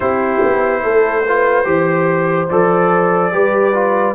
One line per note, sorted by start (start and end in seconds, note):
0.00 0.42 C4
0.00 1.25 E4
0.00 0.82 G4
0.00 2.48 C5
0.44 0.84 B3
0.82 1.66 A3
0.82 1.24 A4
1.26 1.64 F4
1.26 1.67 B4
1.64 2.49 E3
1.64 2.47 G4
1.64 3.32 C5
2.49 3.33 F3
2.49 3.32 A4
2.49 4.15 D5
3.32 4.15 G3
3.32 3.73 G4
3.32 4.15 B4
3.73 4.15 F4